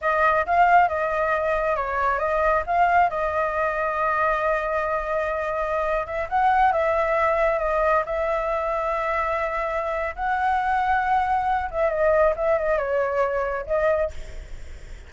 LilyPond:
\new Staff \with { instrumentName = "flute" } { \time 4/4 \tempo 4 = 136 dis''4 f''4 dis''2 | cis''4 dis''4 f''4 dis''4~ | dis''1~ | dis''4.~ dis''16 e''8 fis''4 e''8.~ |
e''4~ e''16 dis''4 e''4.~ e''16~ | e''2. fis''4~ | fis''2~ fis''8 e''8 dis''4 | e''8 dis''8 cis''2 dis''4 | }